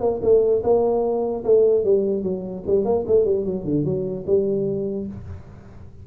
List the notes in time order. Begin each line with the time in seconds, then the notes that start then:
0.00 A#3
0.22 A3
0.63 A#3
1.44 A3
1.84 G3
2.23 F#3
2.67 G3
2.85 A#3
3.07 A3
3.25 G3
3.45 F#3
3.65 D3
3.85 F#3
4.26 G3